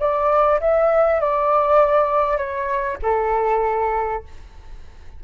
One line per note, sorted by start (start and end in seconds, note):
0.00 0.61 D5
0.61 1.21 E5
1.21 2.37 D5
2.37 2.98 C#5
3.03 4.24 A4